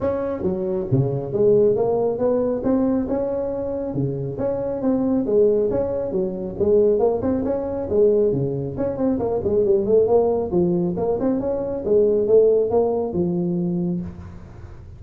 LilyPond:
\new Staff \with { instrumentName = "tuba" } { \time 4/4 \tempo 4 = 137 cis'4 fis4 cis4 gis4 | ais4 b4 c'4 cis'4~ | cis'4 cis4 cis'4 c'4 | gis4 cis'4 fis4 gis4 |
ais8 c'8 cis'4 gis4 cis4 | cis'8 c'8 ais8 gis8 g8 a8 ais4 | f4 ais8 c'8 cis'4 gis4 | a4 ais4 f2 | }